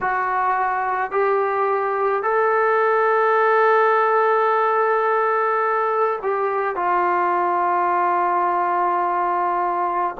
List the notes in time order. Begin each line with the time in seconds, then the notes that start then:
0.01 F#4
1.11 G4
2.22 A4
6.22 G4
6.76 F4